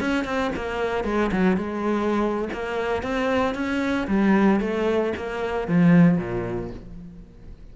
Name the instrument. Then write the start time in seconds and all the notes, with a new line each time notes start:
cello
0.00 C#4
0.24 C4
0.55 A#3
1.04 G#3
1.32 F#3
1.56 G#3
2.53 A#3
3.02 C4
3.54 C#4
4.07 G3
4.60 A3
5.17 A#3
5.67 F3
6.17 A#2